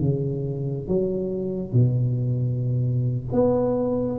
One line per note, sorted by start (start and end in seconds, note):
0.00 0.88 C#3
0.88 1.72 F#3
1.72 3.27 B2
3.32 4.19 B3